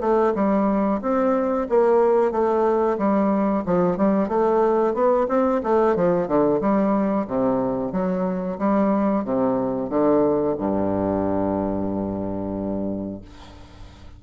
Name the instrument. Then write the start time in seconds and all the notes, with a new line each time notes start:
bassoon
0.00 A3
0.35 G3
1.02 C4
1.69 A#3
2.31 A3
2.98 G3
3.66 F3
3.97 G3
4.28 A3
4.94 B3
5.28 C4
5.63 A3
5.96 F3
6.27 D3
6.61 G3
7.27 C3
7.92 F#3
8.58 G3
9.24 C3
9.90 D3
10.57 G2